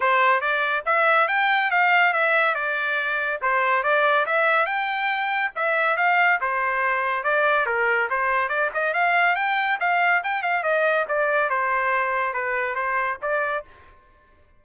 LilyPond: \new Staff \with { instrumentName = "trumpet" } { \time 4/4 \tempo 4 = 141 c''4 d''4 e''4 g''4 | f''4 e''4 d''2 | c''4 d''4 e''4 g''4~ | g''4 e''4 f''4 c''4~ |
c''4 d''4 ais'4 c''4 | d''8 dis''8 f''4 g''4 f''4 | g''8 f''8 dis''4 d''4 c''4~ | c''4 b'4 c''4 d''4 | }